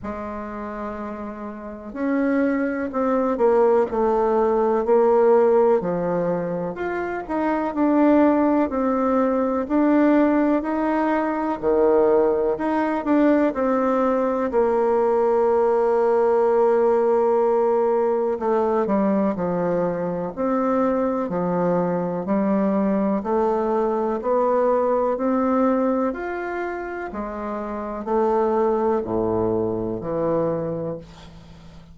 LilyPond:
\new Staff \with { instrumentName = "bassoon" } { \time 4/4 \tempo 4 = 62 gis2 cis'4 c'8 ais8 | a4 ais4 f4 f'8 dis'8 | d'4 c'4 d'4 dis'4 | dis4 dis'8 d'8 c'4 ais4~ |
ais2. a8 g8 | f4 c'4 f4 g4 | a4 b4 c'4 f'4 | gis4 a4 a,4 e4 | }